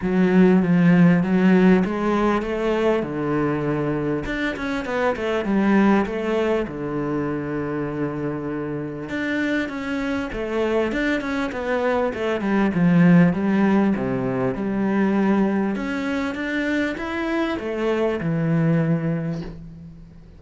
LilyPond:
\new Staff \with { instrumentName = "cello" } { \time 4/4 \tempo 4 = 99 fis4 f4 fis4 gis4 | a4 d2 d'8 cis'8 | b8 a8 g4 a4 d4~ | d2. d'4 |
cis'4 a4 d'8 cis'8 b4 | a8 g8 f4 g4 c4 | g2 cis'4 d'4 | e'4 a4 e2 | }